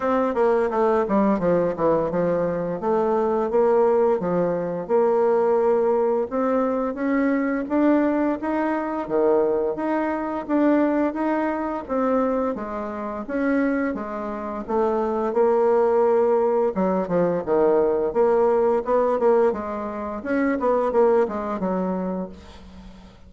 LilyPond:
\new Staff \with { instrumentName = "bassoon" } { \time 4/4 \tempo 4 = 86 c'8 ais8 a8 g8 f8 e8 f4 | a4 ais4 f4 ais4~ | ais4 c'4 cis'4 d'4 | dis'4 dis4 dis'4 d'4 |
dis'4 c'4 gis4 cis'4 | gis4 a4 ais2 | fis8 f8 dis4 ais4 b8 ais8 | gis4 cis'8 b8 ais8 gis8 fis4 | }